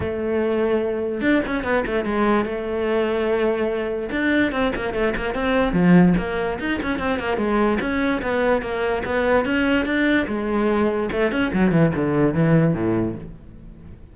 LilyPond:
\new Staff \with { instrumentName = "cello" } { \time 4/4 \tempo 4 = 146 a2. d'8 cis'8 | b8 a8 gis4 a2~ | a2 d'4 c'8 ais8 | a8 ais8 c'4 f4 ais4 |
dis'8 cis'8 c'8 ais8 gis4 cis'4 | b4 ais4 b4 cis'4 | d'4 gis2 a8 cis'8 | fis8 e8 d4 e4 a,4 | }